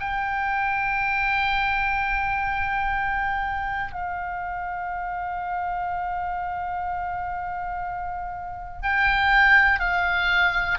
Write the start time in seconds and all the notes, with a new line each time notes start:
0.00 G5
3.93 F5
8.83 G5
9.80 F5